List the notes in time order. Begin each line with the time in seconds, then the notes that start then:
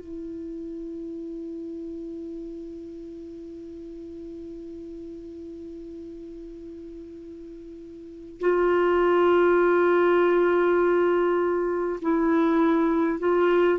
0.00 E4
8.41 F4
12.02 E4
13.19 F4